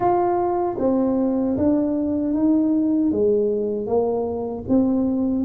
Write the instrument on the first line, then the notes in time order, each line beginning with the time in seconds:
tuba
0.00 F4
0.79 C4
1.57 D4
2.33 D#4
3.11 G#3
3.86 A#3
4.68 C4